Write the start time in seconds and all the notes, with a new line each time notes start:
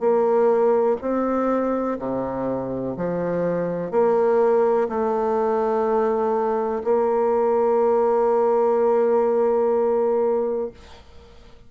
0.00 A#3
1.02 C4
1.99 C3
2.97 F3
3.91 A#3
4.89 A3
6.84 A#3